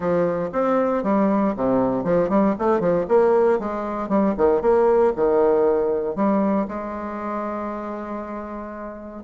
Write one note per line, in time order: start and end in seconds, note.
0.00 0.50 F3
0.52 1.03 C4
1.03 1.54 G3
1.56 2.04 C3
2.04 2.29 F3
2.29 2.55 G3
2.58 2.79 A3
2.79 3.05 F3
3.08 3.59 A#3
3.59 4.08 G#3
4.08 4.34 G3
4.37 4.61 D#3
4.61 5.13 A#3
5.16 6.15 D#3
6.15 6.67 G3
6.67 9.23 G#3